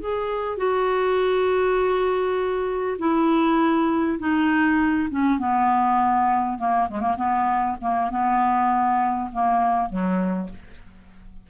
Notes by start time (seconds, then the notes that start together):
0.00 G#4
0.58 F#4
2.99 E4
4.19 D#4
5.11 C#4
5.39 B3
6.58 A#3
6.89 G#3
7.01 A#3
7.16 B3
7.81 A#3
8.11 B3
9.32 A#3
9.89 F#3